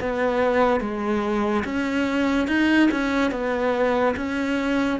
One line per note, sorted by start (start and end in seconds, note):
0.00 0.80 B3
0.80 1.63 G#3
1.64 2.47 C#4
2.47 2.89 D#4
2.91 3.31 C#4
3.31 4.14 B3
4.16 5.00 C#4